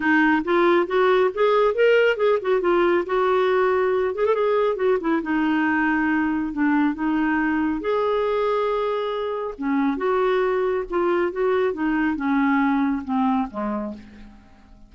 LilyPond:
\new Staff \with { instrumentName = "clarinet" } { \time 4/4 \tempo 4 = 138 dis'4 f'4 fis'4 gis'4 | ais'4 gis'8 fis'8 f'4 fis'4~ | fis'4. gis'16 a'16 gis'4 fis'8 e'8 | dis'2. d'4 |
dis'2 gis'2~ | gis'2 cis'4 fis'4~ | fis'4 f'4 fis'4 dis'4 | cis'2 c'4 gis4 | }